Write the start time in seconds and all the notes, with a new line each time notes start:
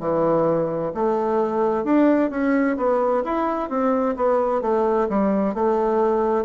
0.00 E3
0.94 A3
1.85 D4
2.31 C#4
2.77 B3
3.24 E4
3.70 C4
4.17 B3
4.62 A3
5.09 G3
5.55 A3